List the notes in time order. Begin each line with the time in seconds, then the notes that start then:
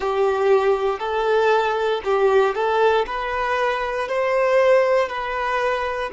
0.00 G4
0.99 A4
2.04 G4
2.54 A4
3.06 B4
4.08 C5
5.08 B4